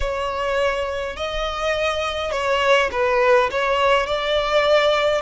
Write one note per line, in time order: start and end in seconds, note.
0.00 1.16 C#5
1.16 2.31 D#5
2.31 2.90 C#5
2.91 3.50 B4
3.50 4.06 C#5
4.06 5.21 D5